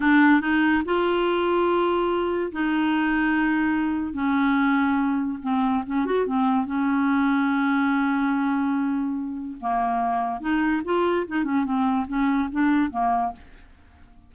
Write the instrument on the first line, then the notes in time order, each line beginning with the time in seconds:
clarinet
0.00 D4
0.41 D#4
0.85 F4
2.52 D#4
4.13 C#4
5.42 C4
5.86 C#4
6.05 F#4
6.26 C4
6.65 C#4
9.60 A#3
10.40 D#4
10.84 F4
11.27 D#4
11.44 C#4
11.64 C4
12.07 C#4
12.51 D4
12.90 A#3